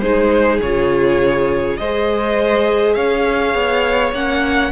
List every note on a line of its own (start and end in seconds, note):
0.00 0.60 G#3
0.00 0.61 D#4
0.00 1.79 G#4
0.00 0.59 C5
0.61 1.79 C#3
0.61 1.79 F4
0.61 1.77 C#5
1.77 2.96 G#3
1.77 4.13 G#4
1.77 2.95 C5
1.77 2.94 D#5
2.94 3.54 C#4
2.94 4.71 C#5
2.94 4.12 F5
3.54 4.12 B3
4.12 4.71 A#3
4.12 4.71 C#4
4.12 4.71 F#5